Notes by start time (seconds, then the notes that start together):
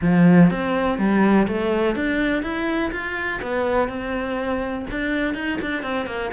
0.01 F3
0.50 C4
0.98 G3
1.47 A3
1.95 D4
2.43 E4
2.92 F4
3.41 B3
3.88 C4
4.90 D4
5.34 D#4
5.61 D4
5.82 C4
6.06 A#3